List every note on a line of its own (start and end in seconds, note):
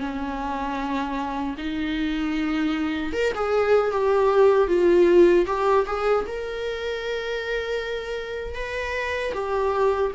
0.00 1.56 C#4
1.58 3.13 D#4
3.13 3.33 A#4
3.35 3.92 G#4
3.92 4.68 G4
4.68 5.46 F4
5.47 5.86 G4
5.87 6.26 G#4
6.27 8.55 A#4
8.55 9.33 B4
9.34 10.12 G4